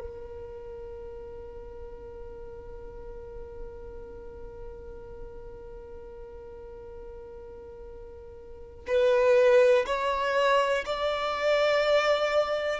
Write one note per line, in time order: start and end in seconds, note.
0.00 8.85 A#4
8.87 9.85 B4
9.86 10.85 C#5
10.86 12.80 D5